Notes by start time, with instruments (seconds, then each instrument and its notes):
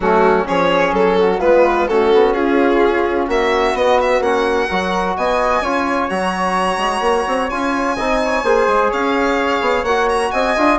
0.00 bassoon F#3, trombone A3, flute C#4, violin F#4
0.45 bassoon F3, trombone C#4, flute G#4, violin C#5
0.92 bassoon F#3, violin A4
1.19 flute F#4
1.40 bassoon G#3, trombone B3, flute F4, violin B4
1.87 bassoon A3, trombone C#4, flute F#4, violin A4
2.14 bassoon B3
2.33 bassoon C#4, flute F4, violin G#4
3.27 bassoon A#3, flute F#4, violin E5
3.73 bassoon B3, trombone B3, violin D#5
4.00 violin E5
4.20 bassoon A#3, trombone C#4, violin F#5
4.67 bassoon F#3, trombone F#4, flute A#4
5.16 bassoon B3, flute D#5, violin G#5
5.61 bassoon C#4, trombone F4, flute C#5
6.09 bassoon F#3, trombone F#4, violin A#5
6.77 bassoon G#3
7.00 bassoon A#3
7.27 bassoon C4
7.49 bassoon C#4, trombone F4, violin G#5
7.95 bassoon C4, trombone D#4, flute D#5
8.24 flute C#5
8.43 bassoon A#3, trombone G#4, flute C5
8.67 bassoon G#3
8.89 bassoon C#4, flute C#5, violin F5
9.61 bassoon B3
9.83 bassoon A#3, trombone F#4, violin F#5
10.08 violin A#5
10.31 bassoon C4, flute D#5, violin G#5
10.56 bassoon D4, trombone F4